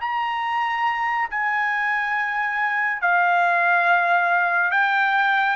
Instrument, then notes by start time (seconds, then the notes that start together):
trumpet
0.00 A#5
1.30 G#5
3.01 F5
4.71 G5